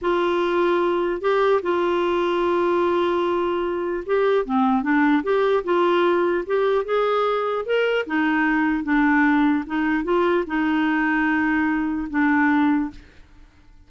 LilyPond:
\new Staff \with { instrumentName = "clarinet" } { \time 4/4 \tempo 4 = 149 f'2. g'4 | f'1~ | f'2 g'4 c'4 | d'4 g'4 f'2 |
g'4 gis'2 ais'4 | dis'2 d'2 | dis'4 f'4 dis'2~ | dis'2 d'2 | }